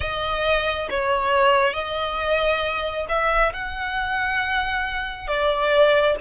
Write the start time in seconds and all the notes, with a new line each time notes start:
0.00 D#5
0.90 C#5
1.73 D#5
3.08 E5
3.53 F#5
5.27 D5